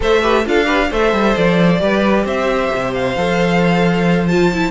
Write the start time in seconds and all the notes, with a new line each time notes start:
0.00 A3 A4 C5 E5
0.21 G4 B4
0.45 D4 F4 A4 F5
0.64 G4 B4
0.90 A3 A4 C5 E5
1.12 G3
1.36 F3 D5
1.79 G3 G4 B4
2.25 C4 C5 E5
2.74 C3
2.93 F5
3.16 F3 A4
4.27 F4 A5
4.52 E4